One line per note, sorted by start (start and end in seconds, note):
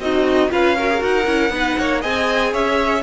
0.00 0.50 C4
0.00 0.52 D#4
0.00 0.50 F#4
0.00 0.51 D#5
0.50 1.02 C#4
0.50 0.75 F4
0.50 0.77 B4
0.50 1.03 F5
0.77 0.90 F#4
0.77 1.52 A#4
0.90 0.98 G#4
0.98 1.27 D#4
0.98 1.24 F#4
0.98 2.03 F#5
1.26 1.50 C#4
1.26 1.51 E4
1.50 1.75 B3
1.50 2.02 D#4
1.50 1.79 B4
1.79 2.04 A#3
1.79 2.01 C#5
2.01 2.54 C4
2.01 3.03 G#4
2.01 2.52 D#5
2.01 2.54 G#5
2.52 3.03 C#4
2.52 3.03 C#5
2.52 3.03 E5